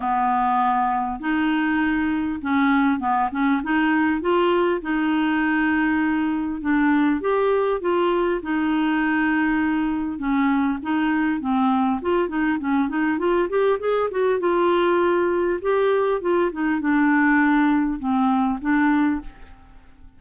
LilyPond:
\new Staff \with { instrumentName = "clarinet" } { \time 4/4 \tempo 4 = 100 b2 dis'2 | cis'4 b8 cis'8 dis'4 f'4 | dis'2. d'4 | g'4 f'4 dis'2~ |
dis'4 cis'4 dis'4 c'4 | f'8 dis'8 cis'8 dis'8 f'8 g'8 gis'8 fis'8 | f'2 g'4 f'8 dis'8 | d'2 c'4 d'4 | }